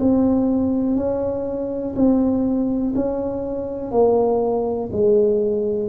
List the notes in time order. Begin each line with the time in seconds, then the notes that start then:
0.00 C4
0.97 C#4
1.96 C4
2.96 C#4
3.92 A#3
4.93 G#3